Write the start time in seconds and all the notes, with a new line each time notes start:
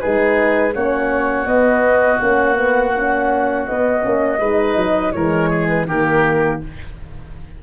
0.00 G#3 D#4 G#4 B4
0.74 A#3 C#4 F#4 C#5
1.46 B3 D#5
2.21 A#3 C#4 F#5
2.56 B3
2.95 C#4
3.67 B3 D#5
4.01 A#3 C#4
4.40 G#3 D#4 B4
4.77 F#3
5.12 E3 G#3 A#4 C#5
5.50 G#4
5.69 B4
5.87 D#3 A#3 G4 A#4